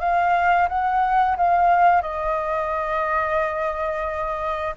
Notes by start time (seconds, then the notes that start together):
0.00 F5
0.68 F#5
1.37 F5
2.02 D#5